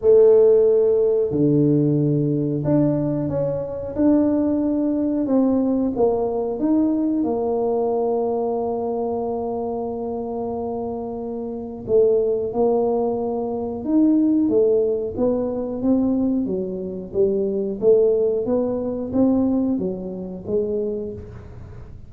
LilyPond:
\new Staff \with { instrumentName = "tuba" } { \time 4/4 \tempo 4 = 91 a2 d2 | d'4 cis'4 d'2 | c'4 ais4 dis'4 ais4~ | ais1~ |
ais2 a4 ais4~ | ais4 dis'4 a4 b4 | c'4 fis4 g4 a4 | b4 c'4 fis4 gis4 | }